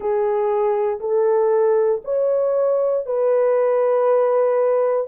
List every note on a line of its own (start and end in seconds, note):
0.00 0.99 G#4
0.99 2.01 A4
2.04 3.06 C#5
3.06 5.07 B4